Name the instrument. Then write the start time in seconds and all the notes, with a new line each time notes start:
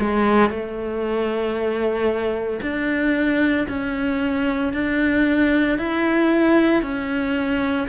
cello
0.00 G#3
0.50 A3
2.62 D4
3.68 C#4
4.73 D4
5.78 E4
6.82 C#4